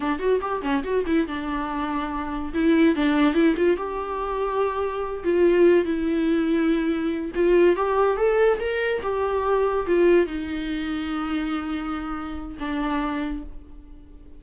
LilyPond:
\new Staff \with { instrumentName = "viola" } { \time 4/4 \tempo 4 = 143 d'8 fis'8 g'8 cis'8 fis'8 e'8 d'4~ | d'2 e'4 d'4 | e'8 f'8 g'2.~ | g'8 f'4. e'2~ |
e'4. f'4 g'4 a'8~ | a'8 ais'4 g'2 f'8~ | f'8 dis'2.~ dis'8~ | dis'2 d'2 | }